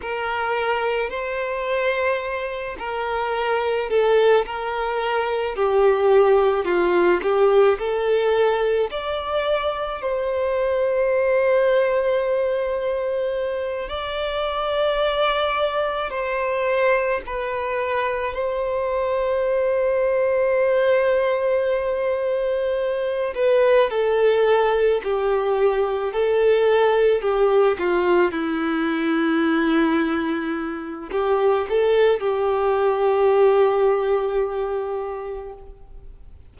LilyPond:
\new Staff \with { instrumentName = "violin" } { \time 4/4 \tempo 4 = 54 ais'4 c''4. ais'4 a'8 | ais'4 g'4 f'8 g'8 a'4 | d''4 c''2.~ | c''8 d''2 c''4 b'8~ |
b'8 c''2.~ c''8~ | c''4 b'8 a'4 g'4 a'8~ | a'8 g'8 f'8 e'2~ e'8 | g'8 a'8 g'2. | }